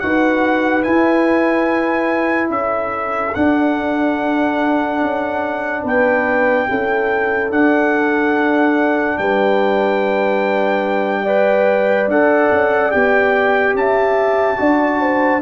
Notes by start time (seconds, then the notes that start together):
0.00 D#4 F#4 B4 F#5
0.84 E4 G#5
2.51 C#4 A4 E5
3.35 D4 F#5
5.02 C#4
5.84 B3 B4 G5
6.69 C#4 E4 A4
7.51 D4 F#5
9.18 G3 B4 G5
11.23 B4 D5
12.08 D4 A4 F#5
12.52 C#4
12.92 B3 G4 G5
13.75 C#4 E5 A5
14.57 D4 F#4 D5
15.01 C5